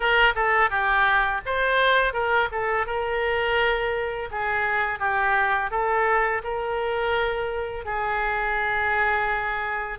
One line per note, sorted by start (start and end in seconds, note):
0.00 0.33 A#4
0.35 0.69 A4
0.69 1.41 G4
1.45 2.13 C5
2.13 2.48 A#4
2.51 2.86 A4
2.86 4.29 A#4
4.31 4.99 G#4
4.99 5.70 G4
5.70 6.42 A4
6.43 7.85 A#4
7.85 9.98 G#4